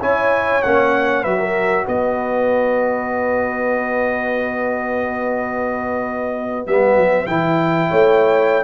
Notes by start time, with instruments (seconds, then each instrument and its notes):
0.00 tuba C#4, trombone E4, horn C#5, trumpet G#5
0.62 tuba A#3, trombone C#4, trumpet F#5
1.23 tuba F#3, trombone F#4, horn B4, trumpet E5
1.39 horn A#4
1.86 tuba B3, horn B4, trumpet D#5
6.67 tuba G3, trombone B3, trumpet E5
6.95 tuba F#3
7.27 tuba E3, trombone E4, trumpet G5
7.89 tuba A3, horn C#5